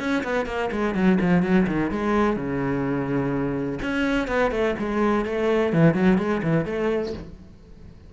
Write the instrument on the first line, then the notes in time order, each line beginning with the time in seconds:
cello
0.00 C#4
0.24 B3
0.47 A#3
0.72 G#3
0.95 F#3
1.21 F3
1.43 F#3
1.68 D#3
1.92 G#3
2.37 C#3
3.82 C#4
4.28 B3
4.52 A3
4.79 G#3
5.26 A3
5.73 E3
5.95 F#3
6.18 G#3
6.43 E3
6.66 A3